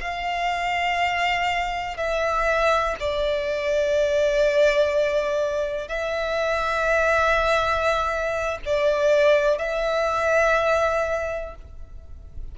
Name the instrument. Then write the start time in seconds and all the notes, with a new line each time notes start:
violin
0.00 F5
1.97 E5
3.00 D5
5.88 E5
8.65 D5
9.58 E5